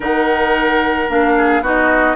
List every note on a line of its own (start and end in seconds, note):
0.00 1.08 D#3
0.00 1.07 D#4
0.00 1.32 A#4
0.00 1.09 F#5
1.09 1.61 A#3
1.09 1.63 D4
1.09 1.64 F5
1.37 1.62 G#4
1.61 2.15 B3
1.61 2.16 D#4
1.61 2.16 F#4
1.61 2.16 D#5